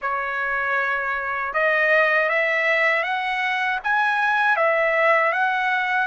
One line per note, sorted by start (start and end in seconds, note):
0.01 1.53 C#5
1.53 2.29 D#5
2.29 3.03 E5
3.03 3.79 F#5
3.83 4.56 G#5
4.56 5.32 E5
5.32 6.07 F#5